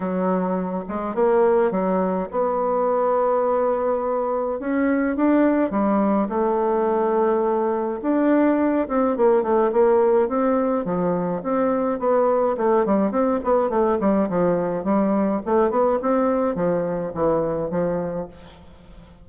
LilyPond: \new Staff \with { instrumentName = "bassoon" } { \time 4/4 \tempo 4 = 105 fis4. gis8 ais4 fis4 | b1 | cis'4 d'4 g4 a4~ | a2 d'4. c'8 |
ais8 a8 ais4 c'4 f4 | c'4 b4 a8 g8 c'8 b8 | a8 g8 f4 g4 a8 b8 | c'4 f4 e4 f4 | }